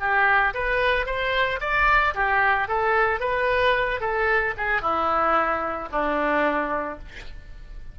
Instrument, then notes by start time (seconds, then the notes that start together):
oboe
0.00 G4
0.54 B4
1.06 C5
1.60 D5
2.14 G4
2.68 A4
3.20 B4
4.00 A4
4.57 G#4
4.82 E4
5.91 D4